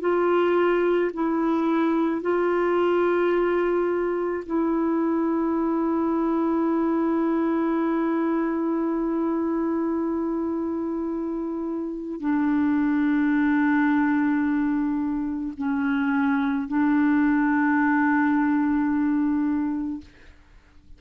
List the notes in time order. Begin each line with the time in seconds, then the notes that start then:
0.00 F4
1.13 E4
2.22 F4
4.46 E4
12.20 D4
15.58 C#4
16.68 D4